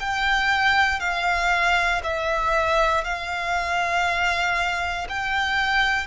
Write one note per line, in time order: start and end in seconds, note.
0.00 1.00 G5
1.00 2.02 F5
2.03 3.04 E5
3.04 5.08 F5
5.09 6.07 G5